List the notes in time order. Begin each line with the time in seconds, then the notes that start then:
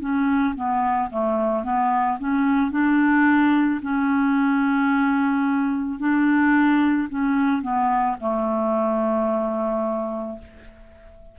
0.00 C#4
0.55 B3
1.10 A3
1.64 B3
2.19 C#4
2.71 D4
3.82 C#4
5.99 D4
7.10 C#4
7.62 B3
8.20 A3